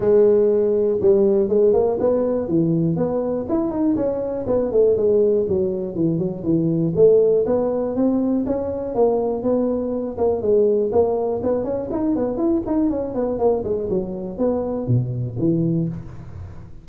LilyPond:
\new Staff \with { instrumentName = "tuba" } { \time 4/4 \tempo 4 = 121 gis2 g4 gis8 ais8 | b4 e4 b4 e'8 dis'8 | cis'4 b8 a8 gis4 fis4 | e8 fis8 e4 a4 b4 |
c'4 cis'4 ais4 b4~ | b8 ais8 gis4 ais4 b8 cis'8 | dis'8 b8 e'8 dis'8 cis'8 b8 ais8 gis8 | fis4 b4 b,4 e4 | }